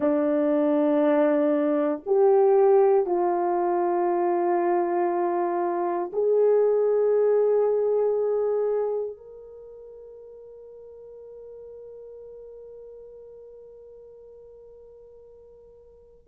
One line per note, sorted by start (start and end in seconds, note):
0.00 2.02 D4
2.06 3.06 G4
3.06 6.11 F4
6.12 9.16 G#4
9.16 16.27 A#4